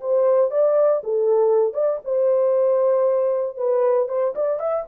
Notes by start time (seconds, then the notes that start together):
0.00 C5
0.51 D5
1.03 A4
1.73 D5
2.04 C5
3.57 B4
4.08 C5
4.35 D5
4.59 E5